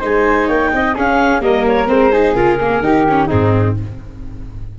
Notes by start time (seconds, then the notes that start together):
0.00 G#3 D#4 C5 G#5
0.47 A#3 C#5 G5
0.73 C4 D#5
0.94 C#4 G#4 F5
1.40 G3 A#3 A#4 D#5
1.67 C#5
1.87 G#3 C4 C5
2.12 D#4 G#4
2.34 C#3 F4 A#4
2.60 A#3
2.79 D#3 D#4 G4
3.09 C#4
3.27 G#2 C4 D#4 G#4